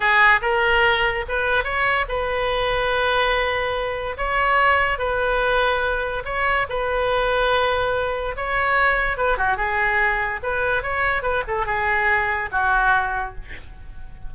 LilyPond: \new Staff \with { instrumentName = "oboe" } { \time 4/4 \tempo 4 = 144 gis'4 ais'2 b'4 | cis''4 b'2.~ | b'2 cis''2 | b'2. cis''4 |
b'1 | cis''2 b'8 fis'8 gis'4~ | gis'4 b'4 cis''4 b'8 a'8 | gis'2 fis'2 | }